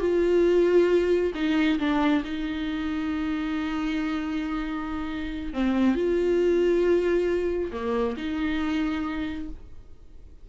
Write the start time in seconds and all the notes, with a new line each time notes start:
0.00 F4
1.34 D#4
1.79 D4
2.24 D#4
5.53 C4
5.95 F4
7.72 A#3
8.16 D#4